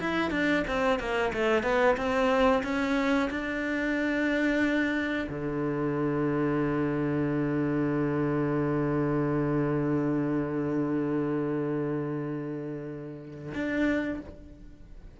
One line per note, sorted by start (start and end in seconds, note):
0.00 0.31 E4
0.31 0.64 D4
0.67 0.99 C4
0.99 1.32 A#3
1.33 1.63 A3
1.63 1.96 B3
1.97 2.63 C4
2.63 3.29 C#4
3.30 5.27 D4
5.29 13.53 D3
13.54 14.20 D4